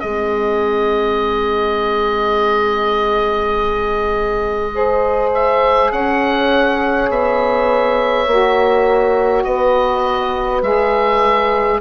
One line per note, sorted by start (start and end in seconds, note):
0.00 5.91 G#3
0.00 4.73 C4
0.00 4.73 G#4
0.00 5.29 D#5
4.73 8.25 G#4
4.73 5.93 C5
5.35 5.92 E5
5.91 7.09 C#4
5.91 9.46 C#5
5.91 7.10 F#5
7.09 8.27 B3
7.09 9.44 E5
8.27 9.44 A#3
8.27 10.63 F#4
9.44 10.62 B3
9.44 11.81 B4
9.44 10.62 D#5
10.62 11.80 G#3
10.62 11.81 G#4
10.62 11.81 E5